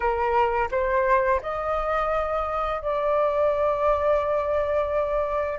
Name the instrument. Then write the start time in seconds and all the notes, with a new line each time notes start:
flute
0.00 A#4
0.71 C5
1.42 D#5
2.81 D5